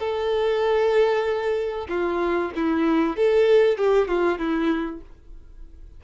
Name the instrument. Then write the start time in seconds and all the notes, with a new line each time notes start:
violin
0.00 A4
1.89 F4
2.56 E4
3.16 A4
3.78 G4
4.08 F4
4.38 E4